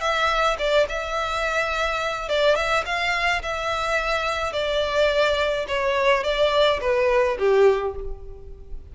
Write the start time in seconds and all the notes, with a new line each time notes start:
0.00 E5
0.58 D5
0.89 E5
2.29 D5
2.55 E5
2.85 F5
3.42 E5
4.52 D5
5.68 C#5
6.23 D5
6.81 B4
7.38 G4